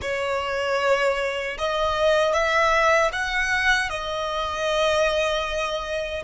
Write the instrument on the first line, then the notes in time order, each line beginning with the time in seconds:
violin
0.01 C#5
1.58 D#5
2.33 E5
3.12 F#5
3.89 D#5